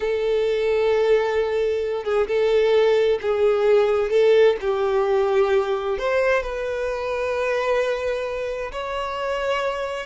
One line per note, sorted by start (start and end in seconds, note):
0.00 2.04 A4
2.04 2.27 G#4
2.27 3.19 A4
3.21 4.10 G#4
4.10 4.56 A4
4.61 5.98 G4
5.98 6.42 C5
6.42 8.71 B4
8.72 10.06 C#5